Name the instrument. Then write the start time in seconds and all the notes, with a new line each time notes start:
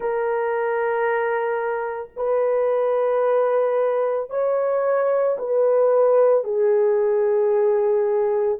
horn
0.00 A#4
2.16 B4
4.30 C#5
5.38 B4
6.44 G#4